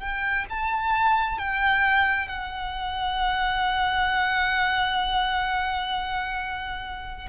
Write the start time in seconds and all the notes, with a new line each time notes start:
0.00 G5
0.50 A5
1.38 G5
2.28 F#5